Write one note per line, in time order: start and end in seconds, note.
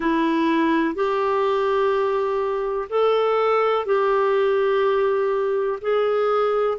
0.00 0.95 E4
0.95 2.88 G4
2.89 3.85 A4
3.85 5.78 G4
5.81 6.77 G#4